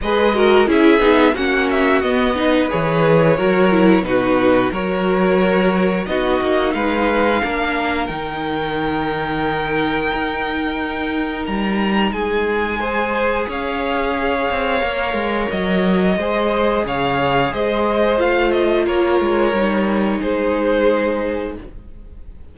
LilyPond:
<<
  \new Staff \with { instrumentName = "violin" } { \time 4/4 \tempo 4 = 89 dis''4 e''4 fis''8 e''8 dis''4 | cis''2 b'4 cis''4~ | cis''4 dis''4 f''2 | g''1~ |
g''4 ais''4 gis''2 | f''2. dis''4~ | dis''4 f''4 dis''4 f''8 dis''8 | cis''2 c''2 | }
  \new Staff \with { instrumentName = "violin" } { \time 4/4 b'8 ais'8 gis'4 fis'4. b'8~ | b'4 ais'4 fis'4 ais'4~ | ais'4 fis'4 b'4 ais'4~ | ais'1~ |
ais'2 gis'4 c''4 | cis''1 | c''4 cis''4 c''2 | ais'2 gis'2 | }
  \new Staff \with { instrumentName = "viola" } { \time 4/4 gis'8 fis'8 e'8 dis'8 cis'4 b8 dis'8 | gis'4 fis'8 e'8 dis'4 fis'4~ | fis'4 dis'2 d'4 | dis'1~ |
dis'2. gis'4~ | gis'2 ais'2 | gis'2. f'4~ | f'4 dis'2. | }
  \new Staff \with { instrumentName = "cello" } { \time 4/4 gis4 cis'8 b8 ais4 b4 | e4 fis4 b,4 fis4~ | fis4 b8 ais8 gis4 ais4 | dis2. dis'4~ |
dis'4 g4 gis2 | cis'4. c'8 ais8 gis8 fis4 | gis4 cis4 gis4 a4 | ais8 gis8 g4 gis2 | }
>>